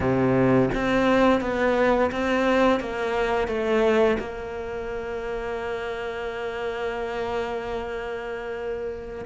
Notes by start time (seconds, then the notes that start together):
0.00 C3
0.74 C4
1.40 B3
2.11 C4
2.79 A#3
3.47 A3
4.19 A#3